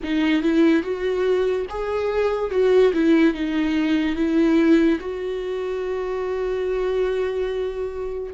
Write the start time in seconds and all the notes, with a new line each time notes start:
0.03 D#4
0.42 E4
0.82 F#4
1.69 G#4
2.50 F#4
2.93 E4
3.33 D#4
4.15 E4
5.00 F#4